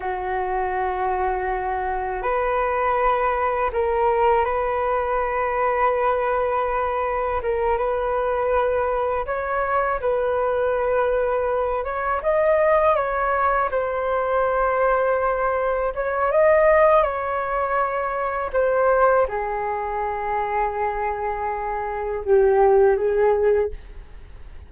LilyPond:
\new Staff \with { instrumentName = "flute" } { \time 4/4 \tempo 4 = 81 fis'2. b'4~ | b'4 ais'4 b'2~ | b'2 ais'8 b'4.~ | b'8 cis''4 b'2~ b'8 |
cis''8 dis''4 cis''4 c''4.~ | c''4. cis''8 dis''4 cis''4~ | cis''4 c''4 gis'2~ | gis'2 g'4 gis'4 | }